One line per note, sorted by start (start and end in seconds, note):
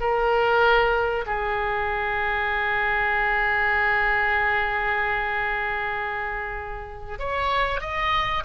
0.00 1.25 A#4
1.26 7.19 G#4
7.19 7.81 C#5
7.81 8.43 D#5